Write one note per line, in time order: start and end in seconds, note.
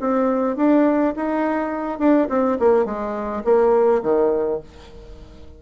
0.00 0.56 C4
0.56 1.14 D4
1.16 1.99 D#4
1.99 2.27 D4
2.29 2.58 C4
2.59 2.85 A#3
2.85 3.42 G#3
3.44 4.02 A#3
4.02 4.60 D#3